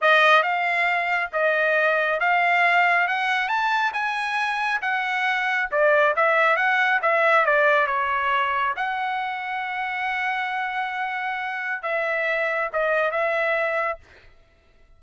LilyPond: \new Staff \with { instrumentName = "trumpet" } { \time 4/4 \tempo 4 = 137 dis''4 f''2 dis''4~ | dis''4 f''2 fis''4 | a''4 gis''2 fis''4~ | fis''4 d''4 e''4 fis''4 |
e''4 d''4 cis''2 | fis''1~ | fis''2. e''4~ | e''4 dis''4 e''2 | }